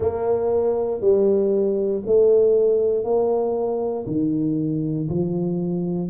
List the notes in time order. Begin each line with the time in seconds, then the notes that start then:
0.00 A#3
1.00 G3
2.06 A3
3.04 A#3
4.07 D#3
5.08 F3